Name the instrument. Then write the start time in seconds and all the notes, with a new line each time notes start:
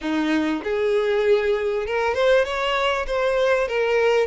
violin
0.01 D#4
0.63 G#4
1.86 A#4
2.14 C5
2.45 C#5
3.06 C5
3.68 A#4